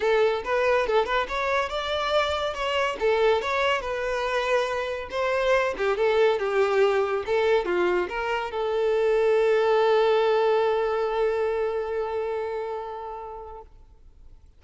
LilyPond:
\new Staff \with { instrumentName = "violin" } { \time 4/4 \tempo 4 = 141 a'4 b'4 a'8 b'8 cis''4 | d''2 cis''4 a'4 | cis''4 b'2. | c''4. g'8 a'4 g'4~ |
g'4 a'4 f'4 ais'4 | a'1~ | a'1~ | a'1 | }